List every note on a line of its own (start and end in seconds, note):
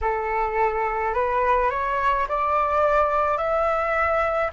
0.01 1.14 A4
1.14 1.70 B4
1.70 2.26 C#5
2.28 3.37 D5
3.37 4.50 E5